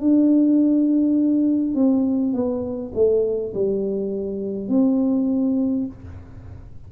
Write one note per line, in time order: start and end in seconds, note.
0.00 1.74 D4
1.74 2.33 C4
2.33 2.91 B3
2.94 3.53 A3
3.53 4.68 G3
4.68 5.86 C4